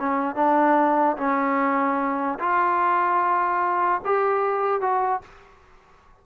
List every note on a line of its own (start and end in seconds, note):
0.00 0.36 C#4
0.36 1.17 D4
1.18 2.39 C#4
2.40 4.02 F4
4.05 4.81 G4
4.81 5.22 F#4